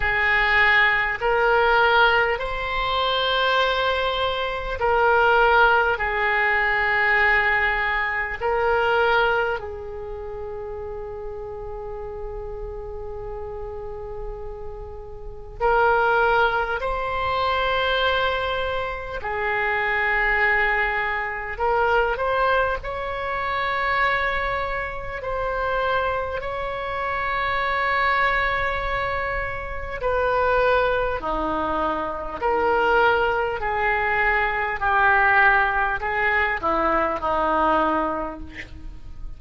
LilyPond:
\new Staff \with { instrumentName = "oboe" } { \time 4/4 \tempo 4 = 50 gis'4 ais'4 c''2 | ais'4 gis'2 ais'4 | gis'1~ | gis'4 ais'4 c''2 |
gis'2 ais'8 c''8 cis''4~ | cis''4 c''4 cis''2~ | cis''4 b'4 dis'4 ais'4 | gis'4 g'4 gis'8 e'8 dis'4 | }